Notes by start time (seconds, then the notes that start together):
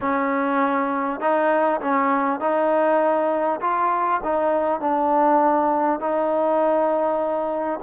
0.00 C#4
1.20 D#4
1.80 C#4
2.39 D#4
3.60 F4
4.23 D#4
4.80 D4
6.00 D#4